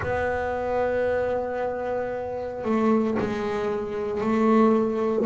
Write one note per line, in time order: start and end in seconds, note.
0.01 2.64 B3
2.64 3.17 A3
3.19 4.21 G#3
4.21 5.25 A3